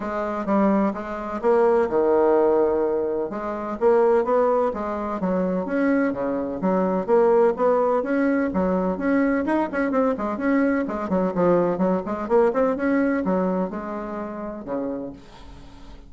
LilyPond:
\new Staff \with { instrumentName = "bassoon" } { \time 4/4 \tempo 4 = 127 gis4 g4 gis4 ais4 | dis2. gis4 | ais4 b4 gis4 fis4 | cis'4 cis4 fis4 ais4 |
b4 cis'4 fis4 cis'4 | dis'8 cis'8 c'8 gis8 cis'4 gis8 fis8 | f4 fis8 gis8 ais8 c'8 cis'4 | fis4 gis2 cis4 | }